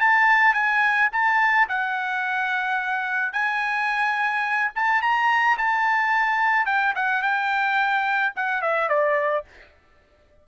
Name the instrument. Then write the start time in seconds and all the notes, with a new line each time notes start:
trumpet
0.00 A5
0.54 G#5
1.12 A5
1.69 F#5
3.33 G#5
4.75 A5
5.02 A#5
5.58 A5
6.66 G5
6.95 F#5
7.22 G5
8.36 F#5
8.62 E5
8.89 D5